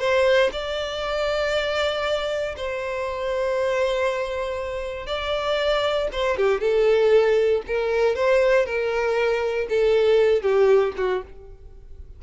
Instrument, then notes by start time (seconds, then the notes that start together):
violin
0.00 C5
0.52 D5
2.57 C5
5.07 D5
6.13 C5
6.38 G4
6.61 A4
7.68 A#4
8.16 C5
8.66 A#4
9.70 A4
10.43 G4
10.98 F#4